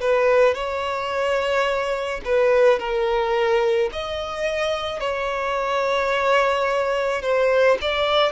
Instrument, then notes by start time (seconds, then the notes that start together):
violin
0.00 B4
0.54 C#5
2.24 B4
2.79 A#4
3.92 D#5
4.99 C#5
7.22 C5
7.81 D5